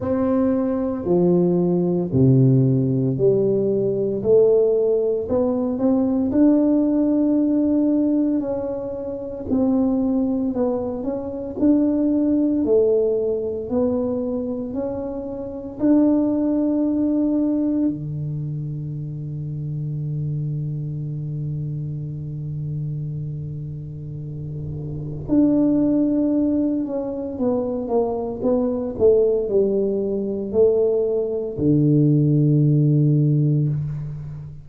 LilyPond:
\new Staff \with { instrumentName = "tuba" } { \time 4/4 \tempo 4 = 57 c'4 f4 c4 g4 | a4 b8 c'8 d'2 | cis'4 c'4 b8 cis'8 d'4 | a4 b4 cis'4 d'4~ |
d'4 d2.~ | d1 | d'4. cis'8 b8 ais8 b8 a8 | g4 a4 d2 | }